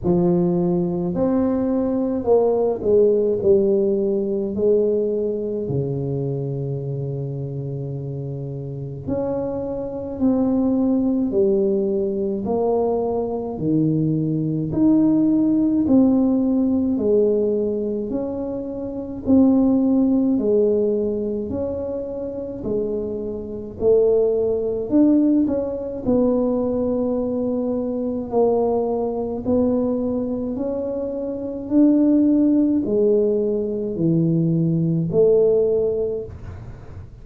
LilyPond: \new Staff \with { instrumentName = "tuba" } { \time 4/4 \tempo 4 = 53 f4 c'4 ais8 gis8 g4 | gis4 cis2. | cis'4 c'4 g4 ais4 | dis4 dis'4 c'4 gis4 |
cis'4 c'4 gis4 cis'4 | gis4 a4 d'8 cis'8 b4~ | b4 ais4 b4 cis'4 | d'4 gis4 e4 a4 | }